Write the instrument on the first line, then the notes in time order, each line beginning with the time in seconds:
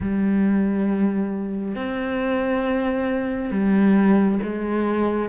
cello
0.00 G3
1.75 C4
3.51 G3
4.42 G#3